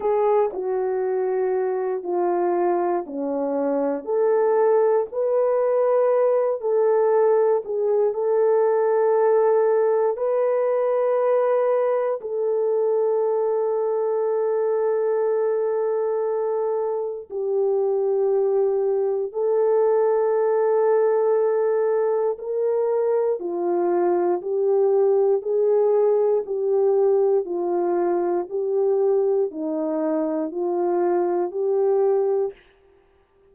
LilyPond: \new Staff \with { instrumentName = "horn" } { \time 4/4 \tempo 4 = 59 gis'8 fis'4. f'4 cis'4 | a'4 b'4. a'4 gis'8 | a'2 b'2 | a'1~ |
a'4 g'2 a'4~ | a'2 ais'4 f'4 | g'4 gis'4 g'4 f'4 | g'4 dis'4 f'4 g'4 | }